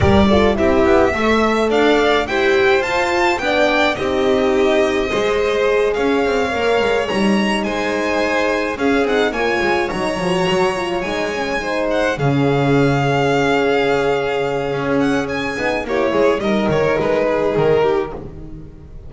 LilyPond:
<<
  \new Staff \with { instrumentName = "violin" } { \time 4/4 \tempo 4 = 106 d''4 e''2 f''4 | g''4 a''4 g''4 dis''4~ | dis''2~ dis''8 f''4.~ | f''8 ais''4 gis''2 f''8 |
fis''8 gis''4 ais''2 gis''8~ | gis''4 fis''8 f''2~ f''8~ | f''2~ f''8 fis''8 gis''4 | cis''4 dis''8 cis''8 b'4 ais'4 | }
  \new Staff \with { instrumentName = "violin" } { \time 4/4 ais'8 a'8 g'4 e''4 d''4 | c''2 d''4 g'4~ | g'4 c''4. cis''4.~ | cis''4. c''2 gis'8~ |
gis'8 cis''2.~ cis''8~ | cis''8 c''4 gis'2~ gis'8~ | gis'1 | g'8 gis'8 ais'4. gis'4 g'8 | }
  \new Staff \with { instrumentName = "horn" } { \time 4/4 g'8 f'8 e'4 a'2 | g'4 f'4 d'4 dis'4~ | dis'4 gis'2~ gis'8 ais'8~ | ais'8 dis'2. cis'8 |
dis'8 f'4 dis'8 fis'4 f'8 dis'8 | cis'8 dis'4 cis'2~ cis'8~ | cis'2.~ cis'8 dis'8 | e'4 dis'2. | }
  \new Staff \with { instrumentName = "double bass" } { \time 4/4 g4 c'8 b8 a4 d'4 | e'4 f'4 b4 c'4~ | c'4 gis4. cis'8 c'8 ais8 | gis8 g4 gis2 cis'8 |
c'8 ais8 gis8 fis8 f8 fis4 gis8~ | gis4. cis2~ cis8~ | cis2 cis'4. b8 | ais8 gis8 g8 dis8 gis4 dis4 | }
>>